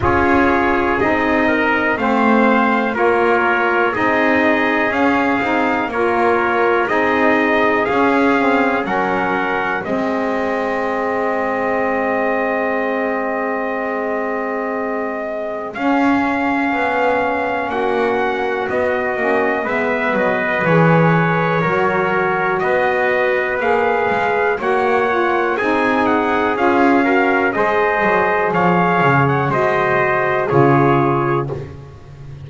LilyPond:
<<
  \new Staff \with { instrumentName = "trumpet" } { \time 4/4 \tempo 4 = 61 cis''4 dis''4 f''4 cis''4 | dis''4 f''4 cis''4 dis''4 | f''4 fis''4 dis''2~ | dis''1 |
f''2 fis''4 dis''4 | e''8 dis''8 cis''2 dis''4 | f''4 fis''4 gis''8 fis''8 f''4 | dis''4 f''8. fis''16 dis''4 cis''4 | }
  \new Staff \with { instrumentName = "trumpet" } { \time 4/4 gis'4. ais'8 c''4 ais'4 | gis'2 ais'4 gis'4~ | gis'4 ais'4 gis'2~ | gis'1~ |
gis'2 fis'2 | b'2 ais'4 b'4~ | b'4 cis''4 gis'4. ais'8 | c''4 cis''4 c''4 gis'4 | }
  \new Staff \with { instrumentName = "saxophone" } { \time 4/4 f'4 dis'4 c'4 f'4 | dis'4 cis'8 dis'8 f'4 dis'4 | cis'8 c'8 cis'4 c'2~ | c'1 |
cis'2. b8 cis'8 | b4 gis'4 fis'2 | gis'4 fis'8 f'8 dis'4 f'8 fis'8 | gis'2 fis'4 f'4 | }
  \new Staff \with { instrumentName = "double bass" } { \time 4/4 cis'4 c'4 a4 ais4 | c'4 cis'8 c'8 ais4 c'4 | cis'4 fis4 gis2~ | gis1 |
cis'4 b4 ais4 b8 ais8 | gis8 fis8 e4 fis4 b4 | ais8 gis8 ais4 c'4 cis'4 | gis8 fis8 f8 cis8 gis4 cis4 | }
>>